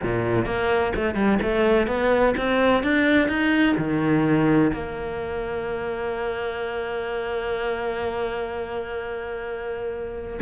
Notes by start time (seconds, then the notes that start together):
0.02 A#2
0.45 A#3
0.95 A3
1.14 G3
1.42 A3
1.87 B3
2.37 C4
2.83 D4
3.28 D#4
3.77 D#3
4.73 A#3